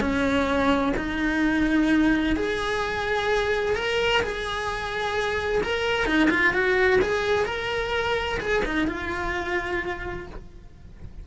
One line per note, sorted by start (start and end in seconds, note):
0.00 0.93 C#4
0.97 2.36 D#4
2.36 3.75 G#4
3.75 4.22 A#4
4.22 5.62 G#4
5.63 6.05 A#4
6.05 6.29 D#4
6.30 6.53 F4
6.53 7.00 F#4
7.01 7.45 G#4
7.45 8.38 A#4
8.40 8.63 G#4
8.65 8.87 D#4
8.87 10.27 F4